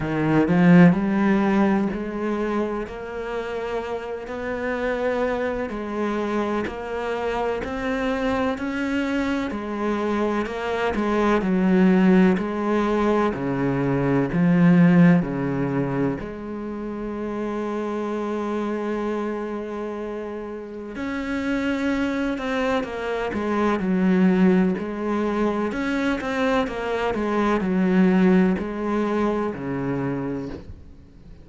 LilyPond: \new Staff \with { instrumentName = "cello" } { \time 4/4 \tempo 4 = 63 dis8 f8 g4 gis4 ais4~ | ais8 b4. gis4 ais4 | c'4 cis'4 gis4 ais8 gis8 | fis4 gis4 cis4 f4 |
cis4 gis2.~ | gis2 cis'4. c'8 | ais8 gis8 fis4 gis4 cis'8 c'8 | ais8 gis8 fis4 gis4 cis4 | }